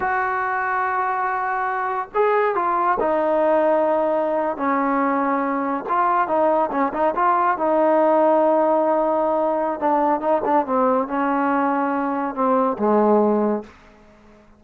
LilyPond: \new Staff \with { instrumentName = "trombone" } { \time 4/4 \tempo 4 = 141 fis'1~ | fis'4 gis'4 f'4 dis'4~ | dis'2~ dis'8. cis'4~ cis'16~ | cis'4.~ cis'16 f'4 dis'4 cis'16~ |
cis'16 dis'8 f'4 dis'2~ dis'16~ | dis'2. d'4 | dis'8 d'8 c'4 cis'2~ | cis'4 c'4 gis2 | }